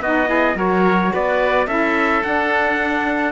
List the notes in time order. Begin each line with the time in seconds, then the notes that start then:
0.00 B3 D#4 F#4 D#5
0.27 E4 G#4
0.55 F#3 F#4 A#4 C#5
1.13 B3 B4 D5
1.67 C#4 E4 A4 E5
2.23 D4 F#5